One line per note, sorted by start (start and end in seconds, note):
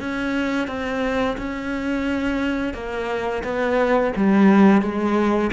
0.00 0.68 C#4
0.68 1.37 C4
1.38 2.74 C#4
2.74 3.43 A#3
3.44 4.13 B3
4.16 4.82 G3
4.82 5.51 G#3